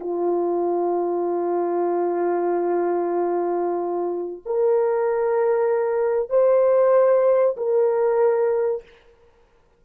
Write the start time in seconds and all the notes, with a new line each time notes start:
0.00 F4
4.46 A#4
6.30 C5
7.57 A#4